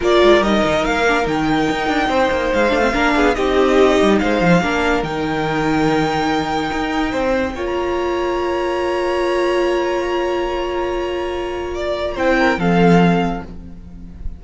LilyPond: <<
  \new Staff \with { instrumentName = "violin" } { \time 4/4 \tempo 4 = 143 d''4 dis''4 f''4 g''4~ | g''2 f''2 | dis''2 f''2 | g''1~ |
g''2~ g''16 ais''4.~ ais''16~ | ais''1~ | ais''1~ | ais''4 g''4 f''2 | }
  \new Staff \with { instrumentName = "violin" } { \time 4/4 ais'1~ | ais'4 c''2 ais'8 gis'8 | g'2 c''4 ais'4~ | ais'1~ |
ais'4 c''4 cis''2~ | cis''1~ | cis''1 | d''4 c''8 ais'8 a'2 | }
  \new Staff \with { instrumentName = "viola" } { \time 4/4 f'4 dis'4. d'8 dis'4~ | dis'2~ dis'8 d'16 c'16 d'4 | dis'2. d'4 | dis'1~ |
dis'2 f'2~ | f'1~ | f'1~ | f'4 e'4 c'2 | }
  \new Staff \with { instrumentName = "cello" } { \time 4/4 ais8 gis8 g8 dis8 ais4 dis4 | dis'8 d'8 c'8 ais8 gis8 a8 ais8 b8 | c'4. g8 gis8 f8 ais4 | dis1 |
dis'4 c'4 ais2~ | ais1~ | ais1~ | ais4 c'4 f2 | }
>>